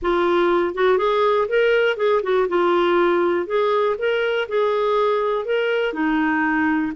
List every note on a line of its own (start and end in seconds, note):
0.02 0.74 F4
0.74 0.98 F#4
0.98 1.47 G#4
1.48 1.97 A#4
1.97 2.21 G#4
2.22 2.47 F#4
2.48 3.46 F4
3.46 3.96 G#4
3.98 4.48 A#4
4.48 5.45 G#4
5.45 5.93 A#4
5.93 6.92 D#4